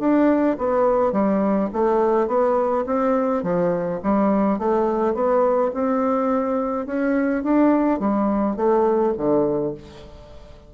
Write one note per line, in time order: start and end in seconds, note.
0.00 0.57 D4
0.59 1.12 B3
1.12 1.70 G3
1.74 2.28 A3
2.28 2.85 B3
2.87 3.43 C4
3.43 4.01 F3
4.03 4.59 G3
4.59 5.15 A3
5.15 5.72 B3
5.75 6.87 C4
6.87 7.44 C#4
7.44 8.00 D4
8.00 8.57 G3
8.57 9.14 A3
9.18 9.75 D3